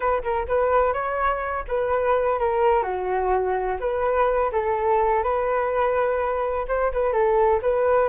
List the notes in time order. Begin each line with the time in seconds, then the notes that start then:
0.00 B4
0.23 A#4
0.47 B4
0.93 C#5
1.68 B4
2.39 A#4
2.82 F#4
3.80 B4
4.52 A4
5.23 B4
6.68 C5
6.92 B4
7.12 A4
7.62 B4